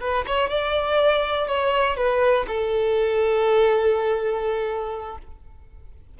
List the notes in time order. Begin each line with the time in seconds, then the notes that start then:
0.00 B4
0.26 C#5
0.49 D5
1.47 C#5
1.96 B4
2.47 A4